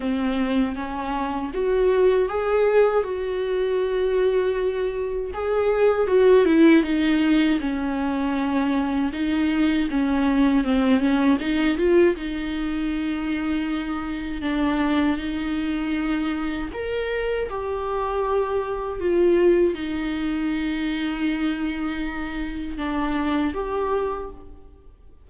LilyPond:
\new Staff \with { instrumentName = "viola" } { \time 4/4 \tempo 4 = 79 c'4 cis'4 fis'4 gis'4 | fis'2. gis'4 | fis'8 e'8 dis'4 cis'2 | dis'4 cis'4 c'8 cis'8 dis'8 f'8 |
dis'2. d'4 | dis'2 ais'4 g'4~ | g'4 f'4 dis'2~ | dis'2 d'4 g'4 | }